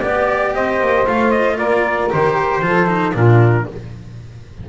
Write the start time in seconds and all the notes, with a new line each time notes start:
0.00 B3 G4 D5
0.54 C4 C5 D#5
0.80 A#3
1.06 A3 F4 F5
1.31 D#5
1.56 A#3 A#4 D5
2.09 D#3 G4 C5
2.61 F3 F4 A4
2.86 D#4
3.14 A#2 D4 F4 A#4